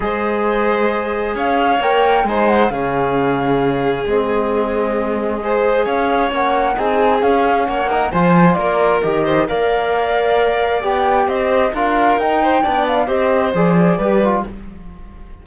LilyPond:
<<
  \new Staff \with { instrumentName = "flute" } { \time 4/4 \tempo 4 = 133 dis''2. f''4 | g''4 gis''8 fis''8 f''2~ | f''4 dis''2.~ | dis''4 f''4 fis''4 gis''4 |
f''4 fis''4 gis''4 d''4 | dis''4 f''2. | g''4 dis''4 f''4 g''4~ | g''8 f''8 dis''4 d''2 | }
  \new Staff \with { instrumentName = "violin" } { \time 4/4 c''2. cis''4~ | cis''4 c''4 gis'2~ | gis'1 | c''4 cis''2 gis'4~ |
gis'4 cis''8 ais'8 c''4 ais'4~ | ais'8 c''8 d''2.~ | d''4 c''4 ais'4. c''8 | d''4 c''2 b'4 | }
  \new Staff \with { instrumentName = "trombone" } { \time 4/4 gis'1 | ais'4 dis'4 cis'2~ | cis'4 c'2. | gis'2 cis'4 dis'4 |
cis'4. dis'8 f'2 | g'4 ais'2. | g'2 f'4 dis'4 | d'4 g'4 gis'4 g'8 f'8 | }
  \new Staff \with { instrumentName = "cello" } { \time 4/4 gis2. cis'4 | ais4 gis4 cis2~ | cis4 gis2.~ | gis4 cis'4 ais4 c'4 |
cis'4 ais4 f4 ais4 | dis4 ais2. | b4 c'4 d'4 dis'4 | b4 c'4 f4 g4 | }
>>